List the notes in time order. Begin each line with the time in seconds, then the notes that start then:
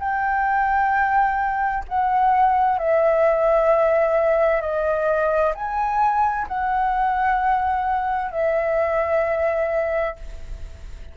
0.00 G5
1.89 F#5
2.79 E5
4.62 D#5
5.55 G#5
6.48 F#5
8.32 E5